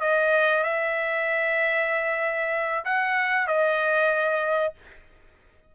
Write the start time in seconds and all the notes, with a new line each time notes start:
0.00 D#5
0.63 E5
2.84 F#5
3.47 D#5